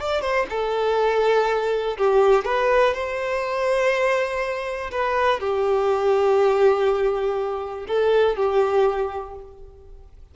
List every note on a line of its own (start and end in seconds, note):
0.00 0.22 D5
0.22 0.46 C5
0.50 1.98 A4
1.98 2.45 G4
2.45 2.94 B4
2.94 4.91 C5
4.92 5.40 B4
5.40 7.86 G4
7.88 8.37 A4
8.37 9.35 G4